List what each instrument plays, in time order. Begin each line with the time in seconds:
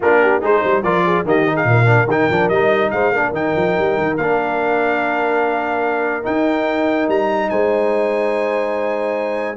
0.00 tuba A#3, trombone D4, horn F4, trumpet A#4
0.21 horn G4
0.41 tuba G#3, trombone D#4, horn G#4, trumpet C5
0.61 tuba G3, horn C5
0.83 tuba F3, trombone F4, horn A#4, trumpet D5
1.05 horn G#4
1.24 tuba D#3, trombone A#3, horn G4, trumpet D#5
1.46 trombone D#4
1.54 horn G#4, trumpet F5
1.64 tuba A#2
1.70 horn A#4
1.85 trombone D4
2.07 tuba D#3, trombone D#4, trumpet G5
2.30 tuba F3, trombone D4
2.48 tuba G3, trombone D#4, trumpet D#5
2.90 tuba G#3, horn C5, trumpet F5
3.11 tuba A#3, trombone D4, horn A#4
3.32 tuba D#3, trombone D#4, trumpet G5
3.56 tuba F3
3.78 tuba G3
3.97 tuba D#3
4.16 tuba A#3, trombone D4, trumpet F5
6.22 trombone D#4, tuba D#4, trumpet G5
7.08 tuba G3, trumpet A#5
7.49 tuba G#3, horn C5, trumpet G#5